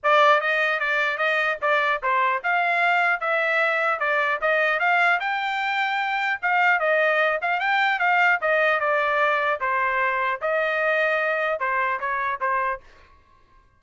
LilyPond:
\new Staff \with { instrumentName = "trumpet" } { \time 4/4 \tempo 4 = 150 d''4 dis''4 d''4 dis''4 | d''4 c''4 f''2 | e''2 d''4 dis''4 | f''4 g''2. |
f''4 dis''4. f''8 g''4 | f''4 dis''4 d''2 | c''2 dis''2~ | dis''4 c''4 cis''4 c''4 | }